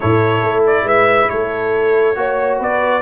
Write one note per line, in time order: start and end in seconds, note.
0.00 0.42 A2
0.00 2.15 E4
0.00 0.84 A4
0.00 0.63 C#5
0.42 0.83 A3
0.66 0.87 D5
0.83 1.26 G#3
0.83 1.27 B4
0.83 1.29 E5
1.29 2.17 A3
1.29 2.18 A4
1.29 2.58 C#5
2.15 2.60 A#3
2.15 3.01 F#4
2.15 2.59 C#5
2.59 3.01 B3
2.59 3.01 B4
2.59 3.01 D5